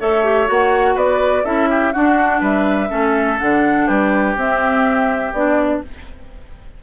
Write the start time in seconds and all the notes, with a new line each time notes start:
0.00 A3 A4 C#5 E5
0.24 G4
0.46 A#3 F#4 F#5
0.95 B3 B4 D5
1.45 C#4 E4 A4 E5
1.70 G4
1.93 D4 F#4 F#5
2.40 G3 B4 E5
2.89 A3 C#4 A4
3.39 D3 D4 F#5
3.86 G3 G4 B4
4.36 C4 E5
5.32 B3 D4 D5